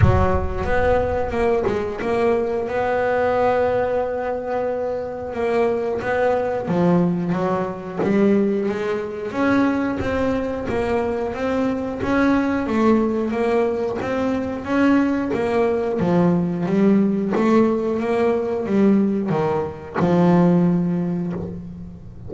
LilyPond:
\new Staff \with { instrumentName = "double bass" } { \time 4/4 \tempo 4 = 90 fis4 b4 ais8 gis8 ais4 | b1 | ais4 b4 f4 fis4 | g4 gis4 cis'4 c'4 |
ais4 c'4 cis'4 a4 | ais4 c'4 cis'4 ais4 | f4 g4 a4 ais4 | g4 dis4 f2 | }